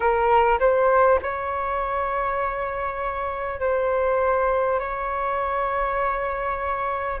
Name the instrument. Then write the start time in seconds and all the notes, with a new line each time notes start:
flute
0.00 A#4
0.59 C5
1.22 C#5
3.60 C5
4.79 C#5